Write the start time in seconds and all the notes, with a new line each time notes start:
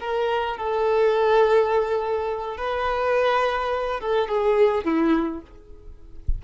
0.00 A#4
0.57 A4
2.57 B4
4.00 A4
4.29 G#4
4.84 E4